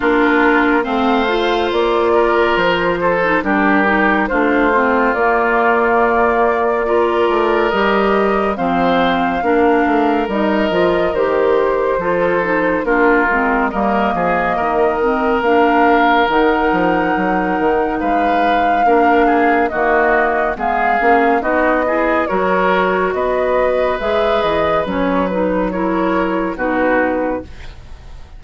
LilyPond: <<
  \new Staff \with { instrumentName = "flute" } { \time 4/4 \tempo 4 = 70 ais'4 f''4 d''4 c''4 | ais'4 c''4 d''2~ | d''4 dis''4 f''2 | dis''4 c''2 ais'4 |
dis''2 f''4 fis''4~ | fis''4 f''2 dis''4 | f''4 dis''4 cis''4 dis''4 | e''8 dis''8 cis''8 b'8 cis''4 b'4 | }
  \new Staff \with { instrumentName = "oboe" } { \time 4/4 f'4 c''4. ais'4 a'8 | g'4 f'2. | ais'2 c''4 ais'4~ | ais'2 a'4 f'4 |
ais'8 gis'8 ais'2.~ | ais'4 b'4 ais'8 gis'8 fis'4 | gis'4 fis'8 gis'8 ais'4 b'4~ | b'2 ais'4 fis'4 | }
  \new Staff \with { instrumentName = "clarinet" } { \time 4/4 d'4 c'8 f'2~ f'16 dis'16 | d'8 dis'8 d'8 c'8 ais2 | f'4 g'4 c'4 d'4 | dis'8 f'8 g'4 f'8 dis'8 d'8 c'8 |
ais4. c'8 d'4 dis'4~ | dis'2 d'4 ais4 | b8 cis'8 dis'8 e'8 fis'2 | gis'4 cis'8 dis'8 e'4 dis'4 | }
  \new Staff \with { instrumentName = "bassoon" } { \time 4/4 ais4 a4 ais4 f4 | g4 a4 ais2~ | ais8 a8 g4 f4 ais8 a8 | g8 f8 dis4 f4 ais8 gis8 |
g8 f8 dis4 ais4 dis8 f8 | fis8 dis8 gis4 ais4 dis4 | gis8 ais8 b4 fis4 b4 | gis8 e8 fis2 b,4 | }
>>